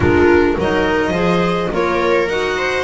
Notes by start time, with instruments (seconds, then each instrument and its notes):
0.00 double bass G#3, clarinet D4, viola F4, violin A#4
0.58 double bass F#3, clarinet D#4, viola A#4, violin D#5
1.10 double bass F3, clarinet G#4, viola C5
1.71 double bass A#3, clarinet F4, viola A#4, violin C#5
2.28 double bass D#4, clarinet F#4, violin F#5
2.57 viola C5